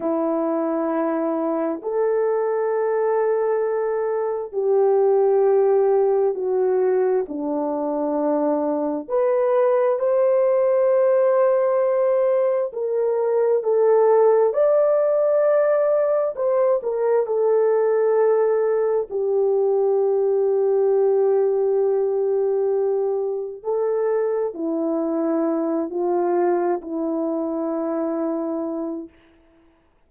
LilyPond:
\new Staff \with { instrumentName = "horn" } { \time 4/4 \tempo 4 = 66 e'2 a'2~ | a'4 g'2 fis'4 | d'2 b'4 c''4~ | c''2 ais'4 a'4 |
d''2 c''8 ais'8 a'4~ | a'4 g'2.~ | g'2 a'4 e'4~ | e'8 f'4 e'2~ e'8 | }